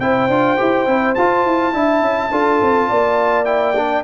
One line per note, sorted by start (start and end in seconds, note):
0.00 0.28 C4
0.00 0.30 E4
0.00 1.75 C5
0.00 1.15 G5
0.28 0.57 D4
0.28 0.57 F4
0.57 0.87 E4
0.57 0.86 G4
0.87 1.16 C4
0.87 1.16 E4
1.15 1.46 F4
1.15 1.73 F4
1.15 3.45 A5
1.46 1.74 E4
1.73 2.02 D4
1.73 2.31 E4
1.73 2.31 E5
2.02 2.31 C#4
2.31 2.61 D4
2.31 3.45 F4
2.31 2.89 A4
2.62 2.90 C4
2.89 4.04 A#3
2.89 4.04 D5
3.45 3.74 E4
3.45 4.03 G5
3.76 4.04 D4